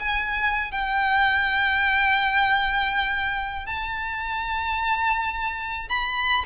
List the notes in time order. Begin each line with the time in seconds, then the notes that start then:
0.00 G#5
0.72 G5
3.67 A5
5.90 B5